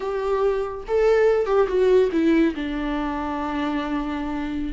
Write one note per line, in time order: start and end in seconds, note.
0.00 0.84 G4
0.87 1.46 A4
1.46 1.67 G4
1.67 2.10 F#4
2.12 2.54 E4
2.55 4.73 D4